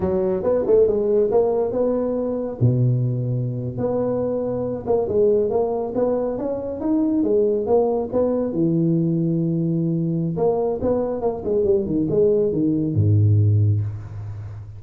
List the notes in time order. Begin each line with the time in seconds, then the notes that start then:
0.00 F#3
0.43 B3
0.66 A3
0.87 G#3
1.31 A#3
1.71 B3
2.60 B2
3.77 B3
4.86 A#3
5.08 G#3
5.50 A#3
5.95 B3
6.38 C#4
6.80 D#4
7.23 G#3
7.66 A#3
8.12 B3
8.53 E3
10.36 A#3
10.81 B3
11.21 A#3
11.44 G#3
11.64 G3
11.86 D#3
12.10 G#3
12.52 D#3
12.95 G#2